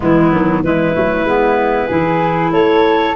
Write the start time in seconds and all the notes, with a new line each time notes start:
0.00 E3 G#3 B3 E4
0.32 D#3 F#3
0.63 E3 G#3 E4 B4
0.94 F#3 A3
1.24 G#3 B3
1.87 E3 E4 G#4
2.50 A3 A4 C#5